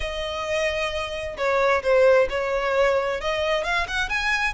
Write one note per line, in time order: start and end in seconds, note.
0.00 1.36 D#5
1.37 1.82 C#5
1.82 2.28 C5
2.29 3.20 C#5
3.20 3.64 D#5
3.64 3.86 F5
3.87 4.09 F#5
4.09 4.53 G#5